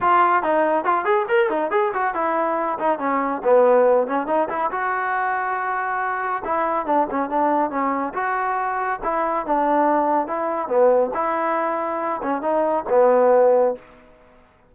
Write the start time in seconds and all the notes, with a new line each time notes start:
0.00 F4
0.42 D#4
0.84 F4
1.04 G#4
1.28 A#4
1.49 D#4
1.70 G#4
1.93 F#4
2.14 E4
2.78 D#4
2.99 C#4
3.43 B3
4.07 C#4
4.26 D#4
4.48 E4
4.71 F#4
6.44 E4
6.86 D4
7.10 C#4
7.29 D4
7.70 C#4
8.13 F#4
9.03 E4
9.46 D4
10.27 E4
10.67 B3
11.14 E4
12.22 C#4
12.41 D#4
12.89 B3